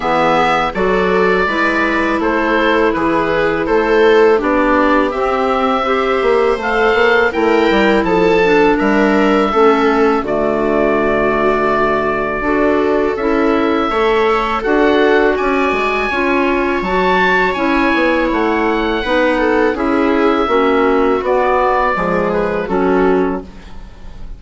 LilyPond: <<
  \new Staff \with { instrumentName = "oboe" } { \time 4/4 \tempo 4 = 82 e''4 d''2 c''4 | b'4 c''4 d''4 e''4~ | e''4 f''4 g''4 a''4 | e''2 d''2~ |
d''2 e''2 | fis''4 gis''2 a''4 | gis''4 fis''2 e''4~ | e''4 d''4. b'8 a'4 | }
  \new Staff \with { instrumentName = "viola" } { \time 4/4 gis'4 a'4 b'4 a'4 | gis'4 a'4 g'2 | c''2 ais'4 a'4 | ais'4 a'4 fis'2~ |
fis'4 a'2 cis''4 | a'4 d''4 cis''2~ | cis''2 b'8 a'8 gis'4 | fis'2 gis'4 fis'4 | }
  \new Staff \with { instrumentName = "clarinet" } { \time 4/4 b4 fis'4 e'2~ | e'2 d'4 c'4 | g'4 a'4 e'4. d'8~ | d'4 cis'4 a2~ |
a4 fis'4 e'4 a'4 | fis'2 f'4 fis'4 | e'2 dis'4 e'4 | cis'4 b4 gis4 cis'4 | }
  \new Staff \with { instrumentName = "bassoon" } { \time 4/4 e4 fis4 gis4 a4 | e4 a4 b4 c'4~ | c'8 ais8 a8 ais8 a8 g8 f4 | g4 a4 d2~ |
d4 d'4 cis'4 a4 | d'4 cis'8 gis8 cis'4 fis4 | cis'8 b8 a4 b4 cis'4 | ais4 b4 f4 fis4 | }
>>